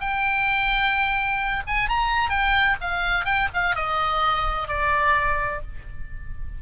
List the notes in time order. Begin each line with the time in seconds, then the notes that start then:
0.00 G5
1.67 G#5
1.89 A#5
2.29 G5
2.81 F5
3.25 G5
3.53 F5
3.75 D#5
4.68 D5